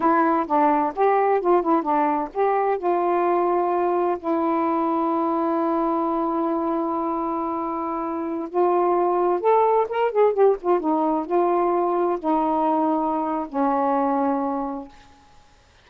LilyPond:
\new Staff \with { instrumentName = "saxophone" } { \time 4/4 \tempo 4 = 129 e'4 d'4 g'4 f'8 e'8 | d'4 g'4 f'2~ | f'4 e'2.~ | e'1~ |
e'2~ e'16 f'4.~ f'16~ | f'16 a'4 ais'8 gis'8 g'8 f'8 dis'8.~ | dis'16 f'2 dis'4.~ dis'16~ | dis'4 cis'2. | }